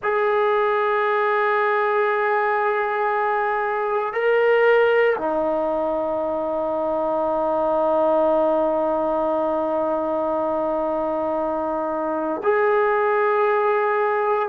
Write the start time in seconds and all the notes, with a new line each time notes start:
0.02 G#4
4.13 A#4
5.17 D#4
12.43 G#4